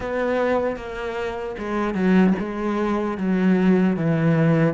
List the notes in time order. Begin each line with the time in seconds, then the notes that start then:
0.00 B3
0.76 A#3
1.58 G#3
1.94 F#3
2.39 G#3
3.17 F#3
3.96 E3